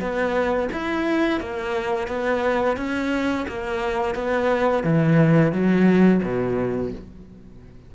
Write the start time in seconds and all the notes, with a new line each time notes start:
0.00 B3
0.73 E4
1.41 A#3
2.08 B3
2.77 C#4
3.48 A#3
4.15 B3
4.84 E3
5.53 F#3
6.23 B2